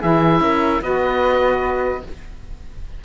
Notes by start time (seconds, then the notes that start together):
0.00 E3 E4 G#4 E5
0.40 C#4 A#4
0.81 B3 F#4 B4 D#5